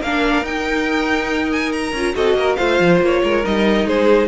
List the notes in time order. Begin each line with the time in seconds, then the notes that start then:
0.00 A#3 D4 A#4 F5
0.42 D#4 G5
1.52 G#5
1.72 A#5
1.93 C#4 F4
2.14 C4 F#4 A4 D#5
2.34 A#3 A#4
2.56 A3 F4 C5 F5
2.80 F3
3.01 A#3 C#5
3.24 G#3 A#4
3.45 G3 D#4 D#5
3.86 G#3 G#4 C5